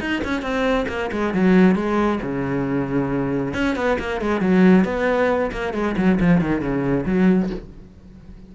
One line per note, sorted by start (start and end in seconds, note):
0.00 0.22 D#4
0.24 0.41 C#4
0.41 0.85 C4
0.88 1.10 A#3
1.11 1.33 G#3
1.33 1.75 F#3
1.75 2.19 G#3
2.22 3.53 C#3
3.53 3.75 C#4
3.76 3.98 B3
3.98 4.21 A#3
4.21 4.40 G#3
4.40 4.84 F#3
4.84 5.50 B3
5.52 5.73 A#3
5.73 5.95 G#3
5.96 6.18 F#3
6.20 6.41 F3
6.41 6.61 D#3
6.61 7.05 C#3
7.05 7.49 F#3